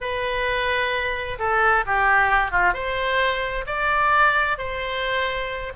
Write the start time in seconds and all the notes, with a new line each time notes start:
0.01 B4
1.39 A4
1.86 G4
2.51 F4
2.73 C5
3.66 D5
4.58 C5